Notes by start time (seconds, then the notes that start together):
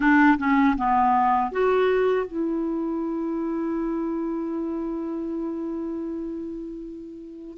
0.00 D4
0.38 C#4
0.77 B3
1.51 F#4
2.26 E4